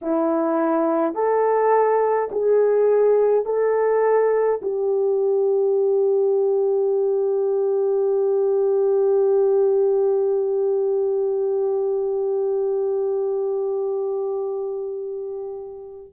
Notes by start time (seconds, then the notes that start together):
0.01 E4
1.14 A4
2.31 G#4
3.45 A4
4.62 G4